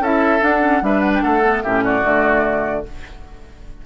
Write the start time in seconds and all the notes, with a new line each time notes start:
0.00 C#4 E4 A4 E5
0.40 D4 F#5
0.61 C#4
0.82 G3 D4 B4 E5
1.01 F#5
1.14 G5
1.23 A3 A4 F#5
1.44 B3
1.63 A2 C#4 G4 E5
1.84 F#4 D5
2.02 D3 A3